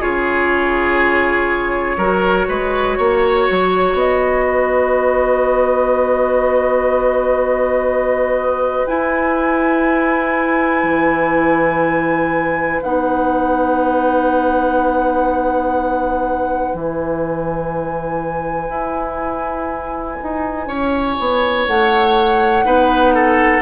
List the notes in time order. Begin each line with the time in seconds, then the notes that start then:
0.00 C#3 F4 G#4 C#5
1.97 F#3 F#4 A#4
2.48 G#3 B4
2.98 A#3 C#5
3.51 F#3
3.93 B3 D#5
4.45 B4
8.87 E4 G#5
10.83 E3
12.82 B3 D#4 F#5
16.74 E3 E4 G#5
18.69 E4
20.23 D#4
20.67 C#4 C#5
21.19 B3
21.67 A3 F#5
22.64 B3 D#4 B4
23.15 A4